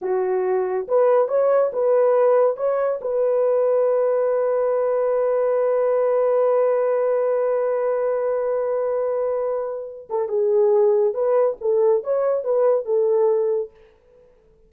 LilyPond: \new Staff \with { instrumentName = "horn" } { \time 4/4 \tempo 4 = 140 fis'2 b'4 cis''4 | b'2 cis''4 b'4~ | b'1~ | b'1~ |
b'1~ | b'2.~ b'8 a'8 | gis'2 b'4 a'4 | cis''4 b'4 a'2 | }